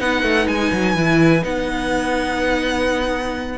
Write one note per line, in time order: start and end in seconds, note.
0.00 0.23 B3
0.00 0.96 D#4
0.00 3.59 B4
0.00 0.48 F#5
0.23 0.47 A3
0.48 0.72 G#3
0.48 1.44 G#5
0.73 0.95 F#3
0.95 1.43 E3
0.95 1.42 E4
1.42 3.59 B3
1.42 3.58 D#4
1.42 3.59 F#5